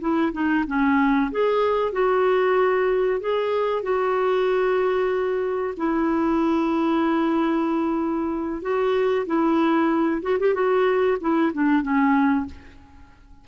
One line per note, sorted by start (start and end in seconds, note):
0.00 0.32 E4
0.32 0.64 D#4
0.67 1.31 C#4
1.31 1.92 G#4
1.92 3.20 F#4
3.20 3.82 G#4
3.82 5.74 F#4
5.76 8.61 E4
8.61 9.25 F#4
9.26 10.21 E4
10.22 10.38 F#4
10.39 10.54 G4
10.54 11.18 F#4
11.20 11.52 E4
11.53 11.82 D4
11.82 12.46 C#4